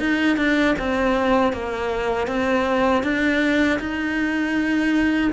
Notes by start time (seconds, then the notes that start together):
0.00 D#4
0.37 D4
0.79 C4
1.53 A#3
2.28 C4
3.03 D4
3.80 D#4